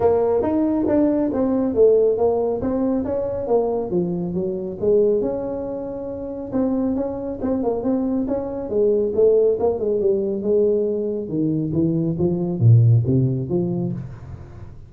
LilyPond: \new Staff \with { instrumentName = "tuba" } { \time 4/4 \tempo 4 = 138 ais4 dis'4 d'4 c'4 | a4 ais4 c'4 cis'4 | ais4 f4 fis4 gis4 | cis'2. c'4 |
cis'4 c'8 ais8 c'4 cis'4 | gis4 a4 ais8 gis8 g4 | gis2 dis4 e4 | f4 ais,4 c4 f4 | }